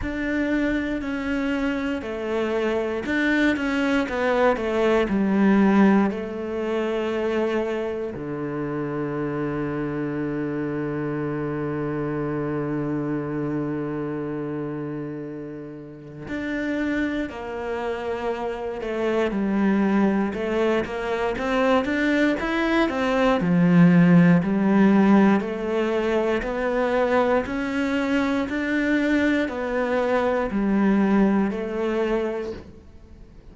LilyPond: \new Staff \with { instrumentName = "cello" } { \time 4/4 \tempo 4 = 59 d'4 cis'4 a4 d'8 cis'8 | b8 a8 g4 a2 | d1~ | d1 |
d'4 ais4. a8 g4 | a8 ais8 c'8 d'8 e'8 c'8 f4 | g4 a4 b4 cis'4 | d'4 b4 g4 a4 | }